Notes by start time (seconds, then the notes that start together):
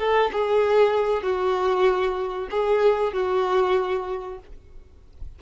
0.00 A4
0.32 G#4
1.23 F#4
2.51 G#4
3.13 F#4